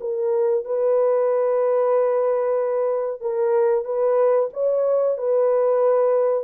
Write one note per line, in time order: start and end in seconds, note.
0.00 0.65 A#4
0.65 3.21 B4
3.21 3.85 A#4
3.85 4.49 B4
4.53 5.17 C#5
5.17 6.44 B4